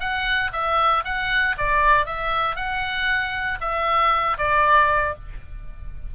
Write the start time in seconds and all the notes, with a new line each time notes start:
0.00 F#5
0.53 E5
1.05 F#5
1.58 D5
2.06 E5
2.56 F#5
3.61 E5
4.38 D5